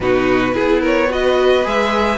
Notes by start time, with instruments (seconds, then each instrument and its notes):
0.00 cello B2, viola D#4, violin F#4 B4
0.52 viola E4, violin G#4
0.58 cello B3
0.81 violin A#4 C#5
1.09 viola F#4, violin B4 D#5
1.63 cello G#3, viola G#4, violin E5